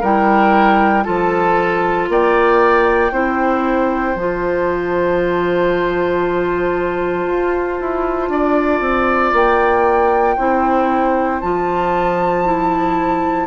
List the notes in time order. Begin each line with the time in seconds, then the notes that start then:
0.00 G3 E4 A#4 G5
1.03 F3 F4 A4 A5
2.09 A#3 D5 G5
3.11 C4 E4 C5
4.15 F3 F4 A5
7.27 F4
7.80 E4
8.29 D4 D5
8.80 C4
9.33 A#3 G5
10.36 C4 E4 C5
11.40 F3 F4 A5
12.44 E4